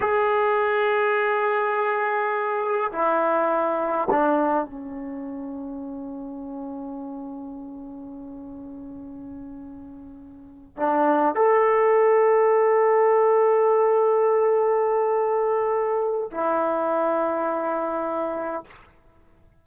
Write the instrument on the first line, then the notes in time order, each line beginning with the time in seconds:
trombone
0.00 G#4
2.92 E4
4.10 D4
4.64 C#4
10.76 D4
11.35 A4
16.31 E4